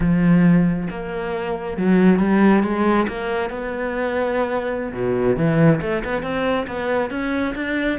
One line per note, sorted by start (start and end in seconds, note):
0.00 0.87 F3
0.90 1.77 A#3
1.77 2.19 F#3
2.19 2.63 G3
2.63 3.07 G#3
3.08 3.50 A#3
3.50 4.92 B3
4.92 5.36 B2
5.36 5.80 E3
5.81 6.03 A3
6.04 6.22 B3
6.22 6.66 C4
6.67 7.10 B3
7.10 7.54 C#4
7.55 7.99 D4